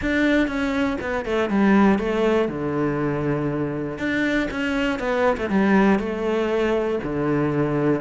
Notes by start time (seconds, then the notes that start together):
0.01 D4
0.47 C#4
1.00 B3
1.25 A3
1.49 G3
1.99 A3
2.48 D3
3.98 D4
4.50 C#4
4.99 B3
5.37 A3
5.49 G3
5.99 A3
7.03 D3